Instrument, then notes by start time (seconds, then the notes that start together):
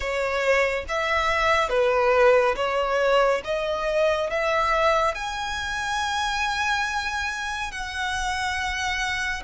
violin
0.00 C#5
0.88 E5
1.69 B4
2.56 C#5
3.44 D#5
4.29 E5
5.14 G#5
7.71 F#5